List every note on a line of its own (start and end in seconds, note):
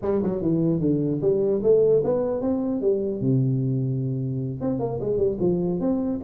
0.01 0.21 G3
0.23 0.41 F#3
0.41 0.80 E3
0.80 1.20 D3
1.21 1.61 G3
1.63 2.03 A3
2.04 2.41 B3
2.41 2.81 C4
2.81 3.20 G3
3.20 4.60 C3
4.60 4.79 C4
4.79 4.99 A#3
5.00 5.17 G#3
5.17 5.37 G3
5.40 5.80 F3
5.80 6.20 C4